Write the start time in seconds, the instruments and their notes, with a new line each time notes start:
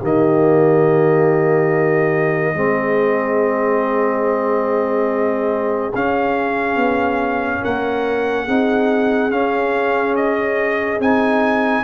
0.00 tuba D#3, trombone A#3, horn G4, trumpet D#5
2.54 tuba G#3, trombone C4, horn G#4
5.94 tuba C#4, trombone C#4, trumpet F5
6.75 tuba B3
7.61 tuba A#3, horn A#4, trumpet F#5
8.45 tuba C4, trombone D#4, horn G#4
9.30 tuba C#4, trombone C#4, trumpet F5
10.15 trumpet D#5
10.99 tuba C4, trombone D#4, trumpet G#5